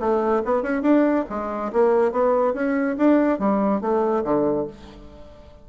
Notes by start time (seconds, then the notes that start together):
0.00 A3
0.45 B3
0.62 C#4
0.82 D4
1.29 G#3
1.73 A#3
2.12 B3
2.54 C#4
2.97 D4
3.39 G3
3.81 A3
4.24 D3